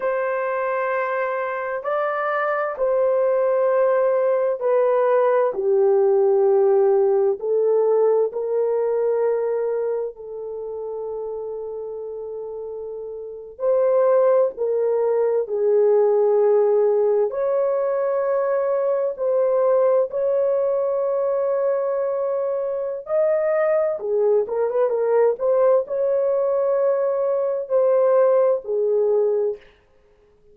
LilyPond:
\new Staff \with { instrumentName = "horn" } { \time 4/4 \tempo 4 = 65 c''2 d''4 c''4~ | c''4 b'4 g'2 | a'4 ais'2 a'4~ | a'2~ a'8. c''4 ais'16~ |
ais'8. gis'2 cis''4~ cis''16~ | cis''8. c''4 cis''2~ cis''16~ | cis''4 dis''4 gis'8 ais'16 b'16 ais'8 c''8 | cis''2 c''4 gis'4 | }